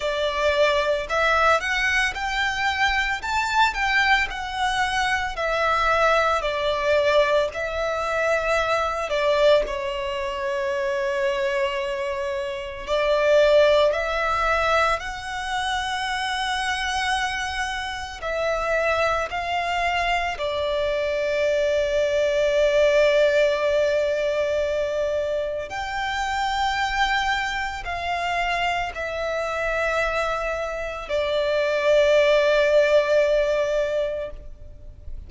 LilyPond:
\new Staff \with { instrumentName = "violin" } { \time 4/4 \tempo 4 = 56 d''4 e''8 fis''8 g''4 a''8 g''8 | fis''4 e''4 d''4 e''4~ | e''8 d''8 cis''2. | d''4 e''4 fis''2~ |
fis''4 e''4 f''4 d''4~ | d''1 | g''2 f''4 e''4~ | e''4 d''2. | }